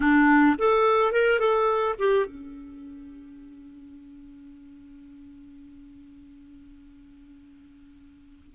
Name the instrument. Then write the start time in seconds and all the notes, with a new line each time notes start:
clarinet
0.00 D4
0.58 A4
1.11 A#4
1.39 A4
1.98 G4
2.26 C#4